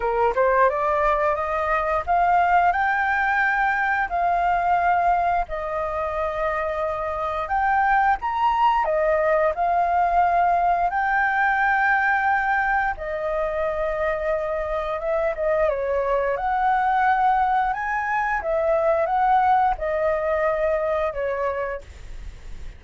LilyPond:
\new Staff \with { instrumentName = "flute" } { \time 4/4 \tempo 4 = 88 ais'8 c''8 d''4 dis''4 f''4 | g''2 f''2 | dis''2. g''4 | ais''4 dis''4 f''2 |
g''2. dis''4~ | dis''2 e''8 dis''8 cis''4 | fis''2 gis''4 e''4 | fis''4 dis''2 cis''4 | }